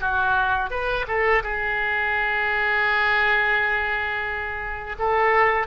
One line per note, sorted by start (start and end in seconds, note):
0.00 0.70 F#4
0.70 1.06 B4
1.07 1.43 A4
1.43 4.96 G#4
4.99 5.67 A4